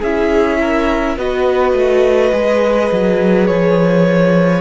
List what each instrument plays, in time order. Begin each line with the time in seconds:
0.00 cello C#4, viola E4, violin G#4 E5
0.60 violin A#4
1.17 cello B3, viola F#4, violin B4 D#5
1.73 cello A3
2.32 cello G#3, viola G#4
2.91 cello F#3
3.46 cello F3, violin C#5